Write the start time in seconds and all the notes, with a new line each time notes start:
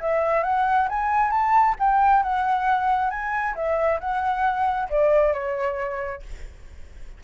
0.00 E5
0.43 F#5
0.89 G#5
1.31 A5
1.79 G5
2.23 F#5
3.10 G#5
3.55 E5
4.00 F#5
4.90 D5
5.33 C#5